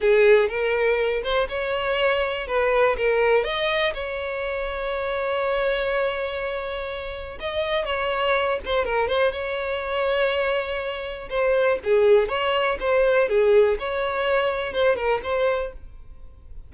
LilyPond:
\new Staff \with { instrumentName = "violin" } { \time 4/4 \tempo 4 = 122 gis'4 ais'4. c''8 cis''4~ | cis''4 b'4 ais'4 dis''4 | cis''1~ | cis''2. dis''4 |
cis''4. c''8 ais'8 c''8 cis''4~ | cis''2. c''4 | gis'4 cis''4 c''4 gis'4 | cis''2 c''8 ais'8 c''4 | }